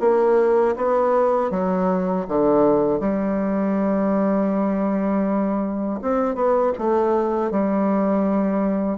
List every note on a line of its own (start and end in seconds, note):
0.00 0.75 A#3
0.76 1.50 B3
1.50 2.25 F#3
2.28 2.99 D3
2.99 5.99 G3
6.01 6.34 C4
6.34 6.72 B3
6.78 7.51 A3
7.51 8.98 G3